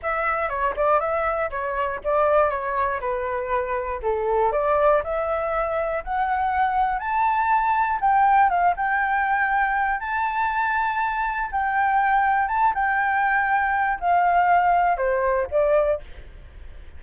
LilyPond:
\new Staff \with { instrumentName = "flute" } { \time 4/4 \tempo 4 = 120 e''4 cis''8 d''8 e''4 cis''4 | d''4 cis''4 b'2 | a'4 d''4 e''2 | fis''2 a''2 |
g''4 f''8 g''2~ g''8 | a''2. g''4~ | g''4 a''8 g''2~ g''8 | f''2 c''4 d''4 | }